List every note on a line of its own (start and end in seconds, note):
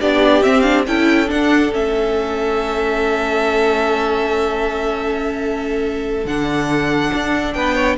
0.00 0.45 B3
0.00 0.42 D4
0.00 0.86 G4
0.00 0.43 D5
0.42 0.63 C4
0.42 0.87 C4
0.42 0.60 E5
0.60 0.85 D4
0.60 0.82 F5
0.86 1.30 C#4
0.86 1.27 E4
0.86 7.55 A4
0.86 1.29 G5
1.27 1.70 D4
1.27 1.73 D4
1.27 1.73 F#5
1.73 6.25 A3
1.73 6.26 C#4
1.73 6.26 E5
6.25 7.11 D3
6.25 7.98 D4
6.25 7.53 F#5
7.14 7.55 D4
7.53 7.98 B3
7.53 7.75 B4
7.53 7.96 G5
7.75 7.96 C#5